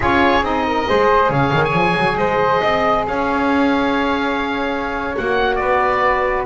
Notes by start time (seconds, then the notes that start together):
0.00 C#4 F4 G#4 C#5
0.41 C4 D#4 D#5
0.66 A#4
0.87 G#3 G#4 C5
1.29 C#3 C#5 F5
1.53 D#3
1.64 G#5
1.73 F3
1.96 F#3
2.17 G#3 C5 D#5
2.60 C4 D#5
3.07 C#4 C#5 F5
5.15 A#3 F#4 F#5
5.55 B3 B4 D5